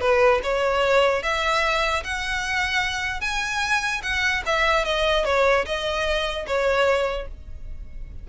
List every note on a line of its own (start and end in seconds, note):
0.00 0.40 B4
0.43 1.22 C#5
1.22 2.03 E5
2.04 3.21 F#5
3.21 4.01 G#5
4.02 4.43 F#5
4.46 4.84 E5
4.84 5.25 D#5
5.25 5.65 C#5
5.65 6.46 D#5
6.46 7.27 C#5